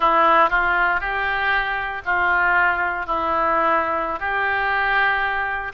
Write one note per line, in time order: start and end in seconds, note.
0.00 0.49 E4
0.49 1.00 F4
1.00 2.02 G4
2.05 3.06 F4
3.06 4.19 E4
4.19 5.72 G4